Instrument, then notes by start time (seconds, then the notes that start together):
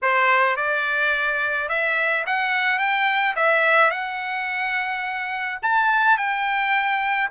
trumpet
0.02 C5
0.56 D5
1.68 E5
2.26 F#5
2.78 G5
3.36 E5
3.90 F#5
5.62 A5
6.17 G5